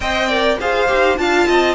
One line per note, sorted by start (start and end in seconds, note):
0.00 0.57 C4
0.00 0.29 C5
0.00 0.28 D#5
0.00 0.58 G5
0.28 0.59 A#4
0.28 0.57 D5
0.59 0.90 F4
0.59 0.88 G#4
0.59 1.19 C5
0.59 1.17 F5
0.88 1.18 D#4
0.88 1.17 G4
1.17 1.47 D4
1.17 1.74 F4
1.17 1.47 F5
1.17 1.74 A5
1.47 1.74 C4
1.47 1.74 D#5